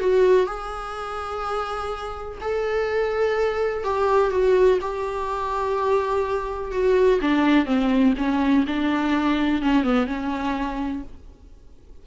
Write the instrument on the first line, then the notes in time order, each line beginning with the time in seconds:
viola
0.00 F#4
0.46 G#4
2.41 A4
3.84 G4
4.31 F#4
4.82 G4
6.72 F#4
7.21 D4
7.66 C4
8.18 C#4
8.67 D4
9.62 C#4
9.84 B3
10.07 C#4